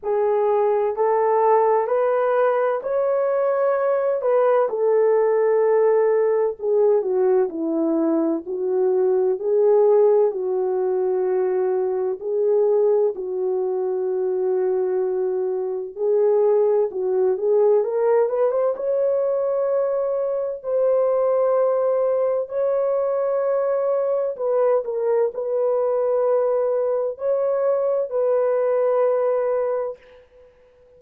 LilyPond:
\new Staff \with { instrumentName = "horn" } { \time 4/4 \tempo 4 = 64 gis'4 a'4 b'4 cis''4~ | cis''8 b'8 a'2 gis'8 fis'8 | e'4 fis'4 gis'4 fis'4~ | fis'4 gis'4 fis'2~ |
fis'4 gis'4 fis'8 gis'8 ais'8 b'16 c''16 | cis''2 c''2 | cis''2 b'8 ais'8 b'4~ | b'4 cis''4 b'2 | }